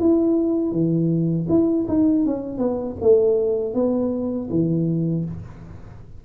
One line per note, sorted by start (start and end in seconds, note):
0.00 0.72 E4
0.72 1.47 E3
1.49 1.86 E4
1.88 2.26 D#4
2.26 2.58 C#4
2.58 2.96 B3
3.02 3.74 A3
3.74 4.49 B3
4.50 5.25 E3